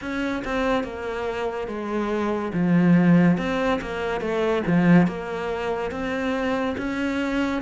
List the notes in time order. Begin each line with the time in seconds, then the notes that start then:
0.01 C#4
0.44 C4
0.83 A#3
1.67 G#3
2.53 F3
3.37 C4
3.81 A#3
4.20 A3
4.67 F3
5.07 A#3
5.91 C4
6.77 C#4